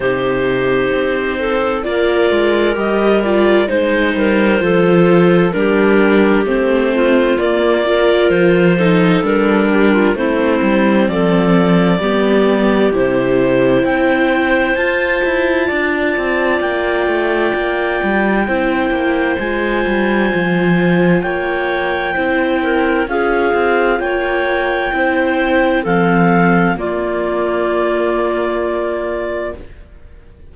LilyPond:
<<
  \new Staff \with { instrumentName = "clarinet" } { \time 4/4 \tempo 4 = 65 c''2 d''4 dis''8 d''8 | c''2 ais'4 c''4 | d''4 c''4 ais'4 c''4 | d''2 c''4 g''4 |
a''2 g''2~ | g''4 gis''2 g''4~ | g''4 f''4 g''2 | f''4 d''2. | }
  \new Staff \with { instrumentName = "clarinet" } { \time 4/4 g'4. a'8 ais'2 | c''8 ais'8 a'4 g'4. f'8~ | f'8 ais'4 a'4 g'16 f'16 e'4 | a'4 g'2 c''4~ |
c''4 d''2. | c''2. cis''4 | c''8 ais'8 gis'4 cis''4 c''4 | a'4 f'2. | }
  \new Staff \with { instrumentName = "viola" } { \time 4/4 dis'2 f'4 g'8 f'8 | dis'4 f'4 d'4 c'4 | ais8 f'4 dis'8 d'4 c'4~ | c'4 b4 e'2 |
f'1 | e'4 f'2. | e'4 f'2 e'4 | c'4 ais2. | }
  \new Staff \with { instrumentName = "cello" } { \time 4/4 c4 c'4 ais8 gis8 g4 | gis8 g8 f4 g4 a4 | ais4 f4 g4 a8 g8 | f4 g4 c4 c'4 |
f'8 e'8 d'8 c'8 ais8 a8 ais8 g8 | c'8 ais8 gis8 g8 f4 ais4 | c'4 cis'8 c'8 ais4 c'4 | f4 ais2. | }
>>